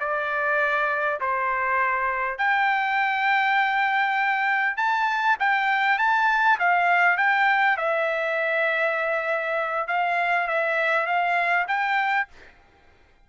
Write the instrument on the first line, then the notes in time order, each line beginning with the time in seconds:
trumpet
0.00 D5
1.20 C5
2.38 G5
4.77 A5
5.40 G5
5.98 A5
6.59 F5
7.17 G5
7.77 E5
9.88 F5
10.47 E5
11.06 F5
11.68 G5